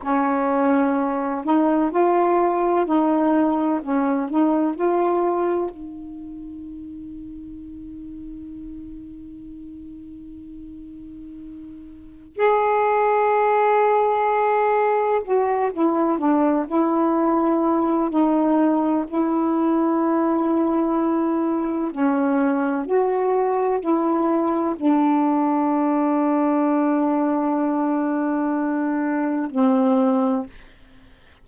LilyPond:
\new Staff \with { instrumentName = "saxophone" } { \time 4/4 \tempo 4 = 63 cis'4. dis'8 f'4 dis'4 | cis'8 dis'8 f'4 dis'2~ | dis'1~ | dis'4 gis'2. |
fis'8 e'8 d'8 e'4. dis'4 | e'2. cis'4 | fis'4 e'4 d'2~ | d'2. c'4 | }